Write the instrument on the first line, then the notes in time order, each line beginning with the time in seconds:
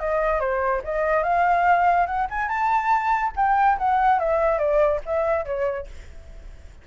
flute
0.00 D#5
0.40 C5
0.84 D#5
1.24 F5
2.07 F#5
2.31 G#5
2.49 A5
3.36 G5
3.78 F#5
4.20 E5
4.58 D5
5.06 E5
5.45 C#5